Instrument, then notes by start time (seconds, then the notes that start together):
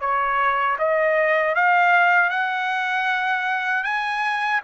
trumpet
0.00 C#5
0.78 D#5
1.55 F5
2.30 F#5
3.84 G#5